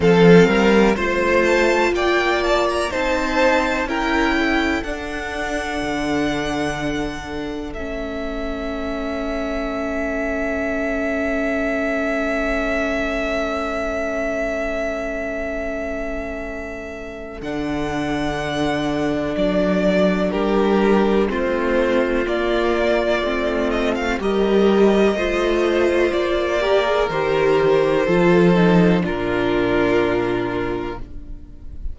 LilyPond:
<<
  \new Staff \with { instrumentName = "violin" } { \time 4/4 \tempo 4 = 62 f''4 c''8 a''8 g''8 a''16 ais''16 a''4 | g''4 fis''2. | e''1~ | e''1~ |
e''2 fis''2 | d''4 ais'4 c''4 d''4~ | d''8 dis''16 f''16 dis''2 d''4 | c''2 ais'2 | }
  \new Staff \with { instrumentName = "violin" } { \time 4/4 a'8 ais'8 c''4 d''4 c''4 | ais'8 a'2.~ a'8~ | a'1~ | a'1~ |
a'1~ | a'4 g'4 f'2~ | f'4 ais'4 c''4. ais'8~ | ais'4 a'4 f'2 | }
  \new Staff \with { instrumentName = "viola" } { \time 4/4 c'4 f'2 dis'4 | e'4 d'2. | cis'1~ | cis'1~ |
cis'2 d'2~ | d'2 c'4 ais4 | c'4 g'4 f'4. g'16 gis'16 | g'4 f'8 dis'8 d'2 | }
  \new Staff \with { instrumentName = "cello" } { \time 4/4 f8 g8 a4 ais4 c'4 | cis'4 d'4 d2 | a1~ | a1~ |
a2 d2 | fis4 g4 a4 ais4 | a4 g4 a4 ais4 | dis4 f4 ais,2 | }
>>